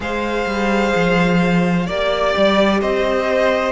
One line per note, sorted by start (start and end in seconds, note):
0.00 0.45 G#3
0.00 1.85 G#4
0.00 1.86 C5
0.00 1.88 F5
0.46 0.93 G3
0.95 1.87 F3
1.86 2.34 A#3
1.86 3.72 G4
1.86 2.80 D5
1.86 2.81 D5
2.36 2.82 G3
2.80 3.72 C4
2.80 3.72 C5
2.80 3.72 D#5